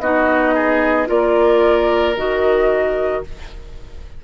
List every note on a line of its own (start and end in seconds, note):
0.00 1.07 B3
0.00 1.07 D#4
0.00 0.55 F#4
0.00 1.08 D#5
0.55 1.08 G#4
1.07 2.17 A#3
1.07 2.14 F4
1.07 3.23 A#4
1.07 2.17 D5
2.17 3.24 D#3
2.17 3.25 F#4
2.17 3.24 D#5